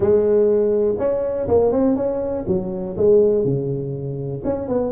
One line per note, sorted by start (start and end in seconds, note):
0.00 0.95 G#3
0.98 1.47 C#4
1.48 1.71 A#3
1.71 1.96 C4
1.96 2.45 C#4
2.47 2.96 F#3
2.97 3.44 G#3
3.44 4.42 C#3
4.44 4.68 C#4
4.68 4.92 B3